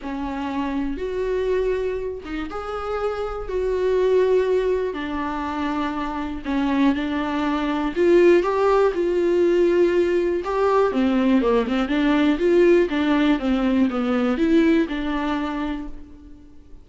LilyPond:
\new Staff \with { instrumentName = "viola" } { \time 4/4 \tempo 4 = 121 cis'2 fis'2~ | fis'8 dis'8 gis'2 fis'4~ | fis'2 d'2~ | d'4 cis'4 d'2 |
f'4 g'4 f'2~ | f'4 g'4 c'4 ais8 c'8 | d'4 f'4 d'4 c'4 | b4 e'4 d'2 | }